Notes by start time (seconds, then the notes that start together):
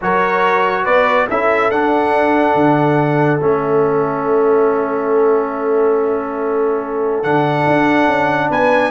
0.01 F#3 F#4 A#4 C#5
0.84 B3 B4 D5
1.30 C#4 E4 A4 E5
1.70 D4 F#5
2.54 D3
3.40 A3 C#4 E5
7.22 D3 D4 F#5
7.66 D4
8.07 C#4
8.48 B3 B4 G#5